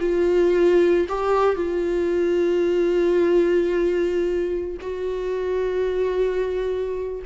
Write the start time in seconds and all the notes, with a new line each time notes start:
0.00 F4
1.09 G4
1.56 F4
4.81 F#4